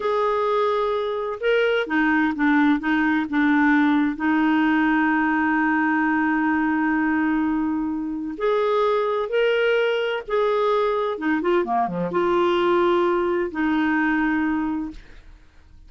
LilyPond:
\new Staff \with { instrumentName = "clarinet" } { \time 4/4 \tempo 4 = 129 gis'2. ais'4 | dis'4 d'4 dis'4 d'4~ | d'4 dis'2.~ | dis'1~ |
dis'2 gis'2 | ais'2 gis'2 | dis'8 f'8 ais8 f8 f'2~ | f'4 dis'2. | }